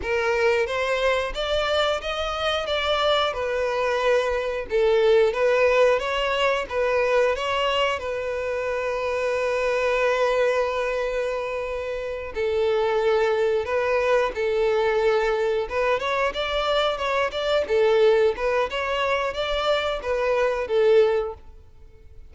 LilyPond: \new Staff \with { instrumentName = "violin" } { \time 4/4 \tempo 4 = 90 ais'4 c''4 d''4 dis''4 | d''4 b'2 a'4 | b'4 cis''4 b'4 cis''4 | b'1~ |
b'2~ b'8 a'4.~ | a'8 b'4 a'2 b'8 | cis''8 d''4 cis''8 d''8 a'4 b'8 | cis''4 d''4 b'4 a'4 | }